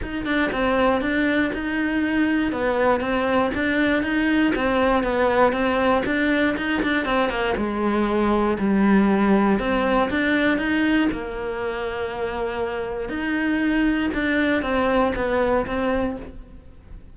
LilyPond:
\new Staff \with { instrumentName = "cello" } { \time 4/4 \tempo 4 = 119 dis'8 d'8 c'4 d'4 dis'4~ | dis'4 b4 c'4 d'4 | dis'4 c'4 b4 c'4 | d'4 dis'8 d'8 c'8 ais8 gis4~ |
gis4 g2 c'4 | d'4 dis'4 ais2~ | ais2 dis'2 | d'4 c'4 b4 c'4 | }